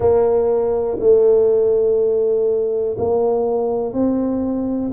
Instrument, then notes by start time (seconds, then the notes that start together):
tuba
0.00 A#3
0.99 A3
2.98 A#3
3.93 C4